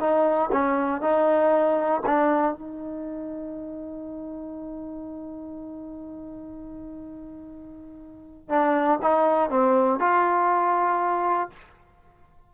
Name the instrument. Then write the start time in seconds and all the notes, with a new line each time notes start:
trombone
0.00 D#4
0.52 C#4
1.01 D#4
2.06 D4
2.53 D#4
8.49 D4
9.02 D#4
9.50 C4
9.99 F4